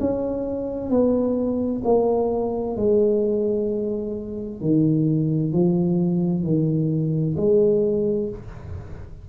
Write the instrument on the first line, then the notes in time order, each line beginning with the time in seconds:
tuba
0.00 C#4
0.90 B3
1.85 A#3
2.77 G#3
4.61 D#3
5.53 F3
6.43 D#3
7.37 G#3